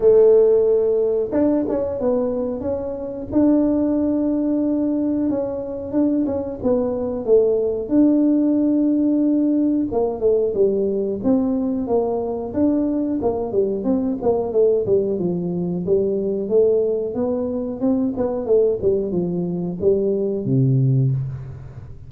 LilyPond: \new Staff \with { instrumentName = "tuba" } { \time 4/4 \tempo 4 = 91 a2 d'8 cis'8 b4 | cis'4 d'2. | cis'4 d'8 cis'8 b4 a4 | d'2. ais8 a8 |
g4 c'4 ais4 d'4 | ais8 g8 c'8 ais8 a8 g8 f4 | g4 a4 b4 c'8 b8 | a8 g8 f4 g4 c4 | }